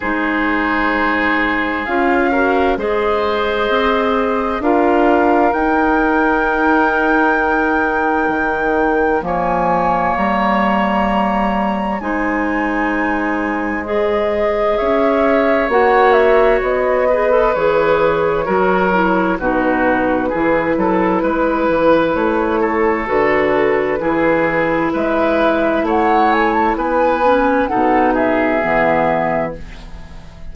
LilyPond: <<
  \new Staff \with { instrumentName = "flute" } { \time 4/4 \tempo 4 = 65 c''2 f''4 dis''4~ | dis''4 f''4 g''2~ | g''2 gis''4 ais''4~ | ais''4 gis''2 dis''4 |
e''4 fis''8 e''8 dis''4 cis''4~ | cis''4 b'2. | cis''4 b'2 e''4 | fis''8 gis''16 a''16 gis''4 fis''8 e''4. | }
  \new Staff \with { instrumentName = "oboe" } { \time 4/4 gis'2~ gis'8 ais'8 c''4~ | c''4 ais'2.~ | ais'2 cis''2~ | cis''4 c''2. |
cis''2~ cis''8 b'4. | ais'4 fis'4 gis'8 a'8 b'4~ | b'8 a'4. gis'4 b'4 | cis''4 b'4 a'8 gis'4. | }
  \new Staff \with { instrumentName = "clarinet" } { \time 4/4 dis'2 f'8 fis'8 gis'4~ | gis'4 f'4 dis'2~ | dis'2 ais2~ | ais4 dis'2 gis'4~ |
gis'4 fis'4. gis'16 a'16 gis'4 | fis'8 e'8 dis'4 e'2~ | e'4 fis'4 e'2~ | e'4. cis'8 dis'4 b4 | }
  \new Staff \with { instrumentName = "bassoon" } { \time 4/4 gis2 cis'4 gis4 | c'4 d'4 dis'2~ | dis'4 dis4 f4 g4~ | g4 gis2. |
cis'4 ais4 b4 e4 | fis4 b,4 e8 fis8 gis8 e8 | a4 d4 e4 gis4 | a4 b4 b,4 e4 | }
>>